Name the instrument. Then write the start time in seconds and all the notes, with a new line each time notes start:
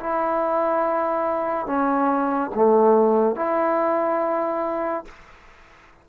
trombone
0.00 E4
1.66 C#4
2.55 A3
3.36 E4